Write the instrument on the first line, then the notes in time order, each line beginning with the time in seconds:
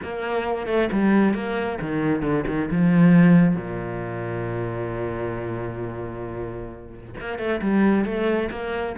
cello
0.03 A#3
0.67 A3
0.92 G3
1.34 A#3
1.81 D#3
2.22 D3
2.47 D#3
2.71 F3
3.56 A#2
7.19 A#3
7.38 A3
7.61 G3
8.05 A3
8.50 A#3